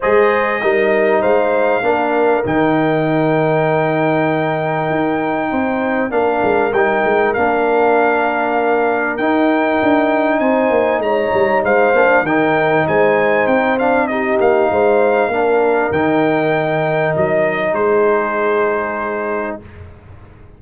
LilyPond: <<
  \new Staff \with { instrumentName = "trumpet" } { \time 4/4 \tempo 4 = 98 dis''2 f''2 | g''1~ | g''2 f''4 g''4 | f''2. g''4~ |
g''4 gis''4 ais''4 f''4 | g''4 gis''4 g''8 f''8 dis''8 f''8~ | f''2 g''2 | dis''4 c''2. | }
  \new Staff \with { instrumentName = "horn" } { \time 4/4 c''4 ais'4 c''4 ais'4~ | ais'1~ | ais'4 c''4 ais'2~ | ais'1~ |
ais'4 c''4 cis''4 c''4 | ais'4 c''2 g'4 | c''4 ais'2.~ | ais'4 gis'2. | }
  \new Staff \with { instrumentName = "trombone" } { \time 4/4 gis'4 dis'2 d'4 | dis'1~ | dis'2 d'4 dis'4 | d'2. dis'4~ |
dis'2.~ dis'8 d'8 | dis'2~ dis'8 d'8 dis'4~ | dis'4 d'4 dis'2~ | dis'1 | }
  \new Staff \with { instrumentName = "tuba" } { \time 4/4 gis4 g4 gis4 ais4 | dis1 | dis'4 c'4 ais8 gis8 g8 gis8 | ais2. dis'4 |
d'4 c'8 ais8 gis8 g8 gis8 ais8 | dis4 gis4 c'4. ais8 | gis4 ais4 dis2 | fis4 gis2. | }
>>